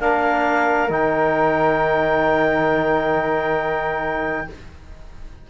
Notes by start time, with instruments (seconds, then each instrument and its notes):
0.00 cello A#3, trombone D4, flute A#4, clarinet F5
0.89 cello D#3, trombone D#4, clarinet G5